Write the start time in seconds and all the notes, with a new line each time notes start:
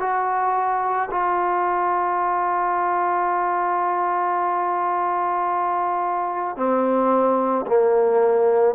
0.00 F#4
1.11 F4
6.57 C4
7.67 A#3